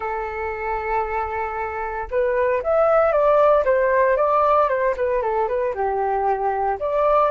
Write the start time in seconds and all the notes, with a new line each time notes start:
0.00 A4
2.10 B4
2.63 E5
3.12 D5
3.65 C5
4.16 D5
4.68 C5
4.97 B4
5.22 A4
5.48 B4
5.74 G4
6.79 D5